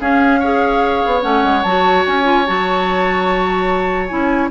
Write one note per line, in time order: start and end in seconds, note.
0.00 0.41 C#4
0.00 1.03 C#4
0.00 0.39 G#4
0.00 1.22 F5
0.39 1.21 G#4
0.39 4.50 C#5
1.05 1.24 B3
1.21 1.44 A3
1.21 1.62 C#4
1.21 1.63 F#5
1.44 1.64 G#3
1.63 2.05 F#3
1.63 2.24 F#4
1.63 2.04 A5
2.07 2.48 C#4
2.07 2.47 G#5
2.24 2.44 F4
2.47 4.11 F#3
2.47 4.09 F#4
2.47 4.07 A5
4.07 4.50 C#4
4.07 4.50 E4
4.07 4.48 G#5